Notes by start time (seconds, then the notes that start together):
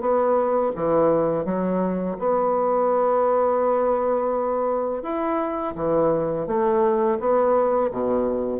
0.00 B3
0.75 E3
1.44 F#3
2.19 B3
5.02 E4
5.75 E3
6.46 A3
7.19 B3
7.91 B2